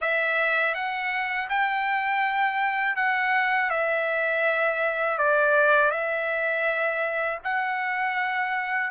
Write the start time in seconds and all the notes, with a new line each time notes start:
0.01 E5
0.74 F#5
1.49 G5
2.96 F#5
3.70 E5
5.18 D5
5.91 E5
7.43 F#5